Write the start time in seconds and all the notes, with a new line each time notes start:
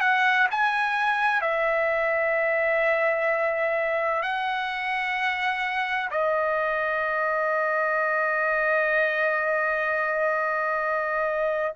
0.00 F#5
0.51 G#5
1.41 E5
4.22 F#5
6.10 D#5